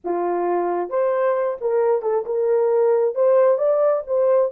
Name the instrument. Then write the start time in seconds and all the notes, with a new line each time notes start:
horn
0.04 F4
0.89 C5
1.60 A#4
2.02 A4
2.25 A#4
3.15 C5
3.57 D5
4.06 C5